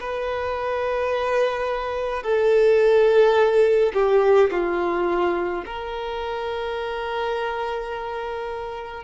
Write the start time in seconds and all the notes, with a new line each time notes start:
0.00 B4
2.23 A4
3.94 G4
4.51 F4
5.66 A#4